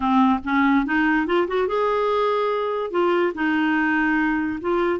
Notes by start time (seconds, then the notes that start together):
0.00 C4
0.44 C#4
0.85 D#4
1.26 F4
1.47 F#4
1.67 G#4
2.91 F4
3.34 D#4
4.60 F4